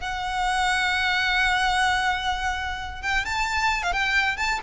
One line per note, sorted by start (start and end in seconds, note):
0.00 3.01 F#5
3.01 3.25 G5
3.25 3.82 A5
3.82 3.92 F5
3.92 4.36 G5
4.36 4.59 A5